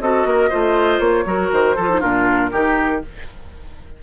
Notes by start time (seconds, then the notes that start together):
0.00 C4 F#4 A4 D#5
0.24 A#3 A#4
0.49 A3 F4 C5
0.99 A#3 C#5
1.25 F#3 F#4 A#4
1.51 D#3 C5
1.75 F3 F4 A4
1.89 D#4
2.00 A#2 D4 F4 A#4
2.51 D#3 D#4 G4